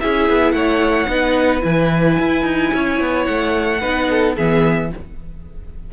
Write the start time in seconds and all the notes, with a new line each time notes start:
0.00 C#4 E4 G#4 E5
0.29 B3
0.51 A3 C#5 F#5
1.08 B3 D#4 B4
1.60 E3 E4 G#5
2.19 E4
2.44 D#4
2.72 C#4 C#5
3.00 B3
3.24 A3 F#5
3.80 B3 D#4 B4
4.10 A4
4.36 E3 B3 G#4 E5